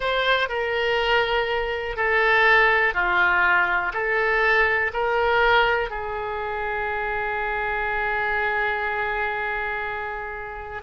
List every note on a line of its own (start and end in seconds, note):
0.00 0.49 C5
0.49 1.96 A#4
1.96 2.93 A4
2.93 3.92 F4
3.93 4.91 A4
4.93 5.90 A#4
5.90 10.82 G#4